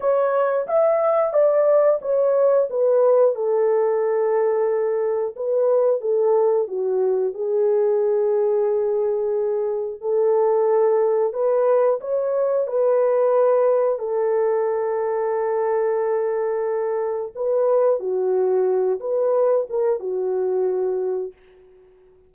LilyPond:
\new Staff \with { instrumentName = "horn" } { \time 4/4 \tempo 4 = 90 cis''4 e''4 d''4 cis''4 | b'4 a'2. | b'4 a'4 fis'4 gis'4~ | gis'2. a'4~ |
a'4 b'4 cis''4 b'4~ | b'4 a'2.~ | a'2 b'4 fis'4~ | fis'8 b'4 ais'8 fis'2 | }